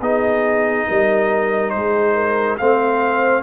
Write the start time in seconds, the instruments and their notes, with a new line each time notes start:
0.00 tuba B3, trombone D#4, horn G#4, trumpet D#5
0.87 tuba G3, horn A#4
1.70 tuba G#3, horn G#4, trumpet C5
2.14 horn A#4
2.57 tuba A3, trombone C4, horn C5, trumpet F5